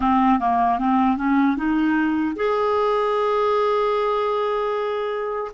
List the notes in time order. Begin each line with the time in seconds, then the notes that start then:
0.00 C4
0.39 A#3
0.78 C4
1.17 C#4
1.56 D#4
2.35 G#4